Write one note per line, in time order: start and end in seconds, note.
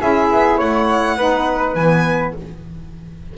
0.00 0.31 C#4
0.00 1.18 E4
0.00 0.58 G#4
0.00 0.60 E5
0.31 0.60 B3
0.58 1.17 A3
0.58 1.16 C#5
0.58 1.75 F#5
1.17 1.75 B3
1.17 1.77 D#4
1.17 2.34 B4
1.75 2.34 E3
1.75 2.37 B3
1.75 2.34 G#5